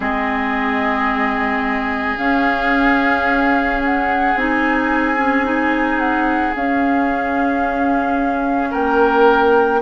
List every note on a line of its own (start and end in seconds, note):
0.00 2.17 G#3
0.00 2.17 C4
0.00 8.69 G#4
0.00 2.18 D#5
2.17 4.34 C#4
2.17 4.36 C#4
2.17 3.81 F5
3.84 4.37 F#5
4.34 6.52 C4
4.34 5.17 D#4
4.34 5.99 G#5
5.17 5.44 C#4
5.44 6.53 D#4
5.99 6.53 F#5
6.55 8.73 C#4
6.55 9.81 C#4
6.55 8.72 F5
8.70 9.81 A#3
8.70 9.79 A#4
8.70 9.81 G5